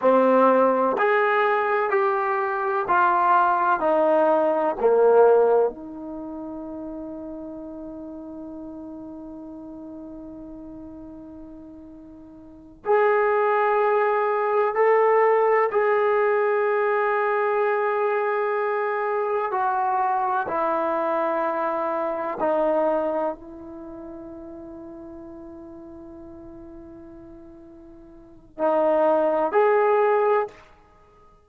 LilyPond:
\new Staff \with { instrumentName = "trombone" } { \time 4/4 \tempo 4 = 63 c'4 gis'4 g'4 f'4 | dis'4 ais4 dis'2~ | dis'1~ | dis'4. gis'2 a'8~ |
a'8 gis'2.~ gis'8~ | gis'8 fis'4 e'2 dis'8~ | dis'8 e'2.~ e'8~ | e'2 dis'4 gis'4 | }